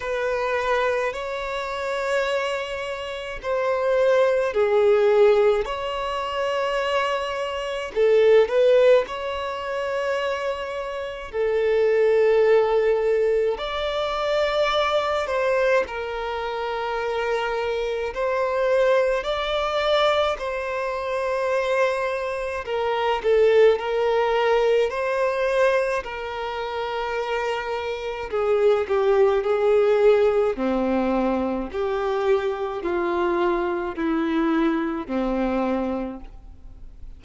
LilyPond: \new Staff \with { instrumentName = "violin" } { \time 4/4 \tempo 4 = 53 b'4 cis''2 c''4 | gis'4 cis''2 a'8 b'8 | cis''2 a'2 | d''4. c''8 ais'2 |
c''4 d''4 c''2 | ais'8 a'8 ais'4 c''4 ais'4~ | ais'4 gis'8 g'8 gis'4 c'4 | g'4 f'4 e'4 c'4 | }